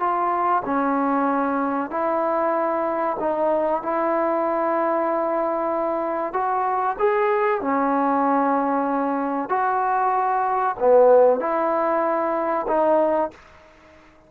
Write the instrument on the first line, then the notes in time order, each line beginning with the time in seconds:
trombone
0.00 F4
0.65 C#4
1.91 E4
3.20 D#4
3.83 E4
6.33 F#4
6.99 G#4
7.61 C#4
9.50 F#4
10.79 B3
11.40 E4
12.68 D#4